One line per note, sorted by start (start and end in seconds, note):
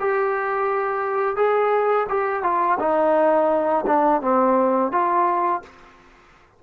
0.00 1.37 G4
1.37 2.07 G#4
2.09 2.43 G4
2.43 2.78 F4
2.79 3.85 D#4
3.87 4.22 D4
4.22 4.92 C4
4.92 5.62 F4